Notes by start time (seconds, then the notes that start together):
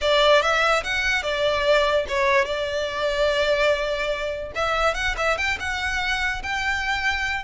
0.01 D5
0.41 E5
0.83 F#5
1.22 D5
2.08 C#5
2.45 D5
4.55 E5
4.94 F#5
5.17 E5
5.37 G5
5.59 F#5
6.43 G5